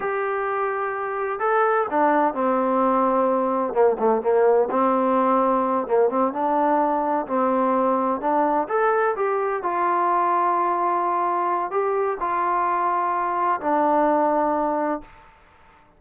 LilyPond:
\new Staff \with { instrumentName = "trombone" } { \time 4/4 \tempo 4 = 128 g'2. a'4 | d'4 c'2. | ais8 a8 ais4 c'2~ | c'8 ais8 c'8 d'2 c'8~ |
c'4. d'4 a'4 g'8~ | g'8 f'2.~ f'8~ | f'4 g'4 f'2~ | f'4 d'2. | }